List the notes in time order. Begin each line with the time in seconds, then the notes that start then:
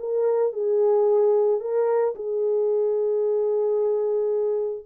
0.00 A#4
0.53 G#4
1.61 A#4
2.15 G#4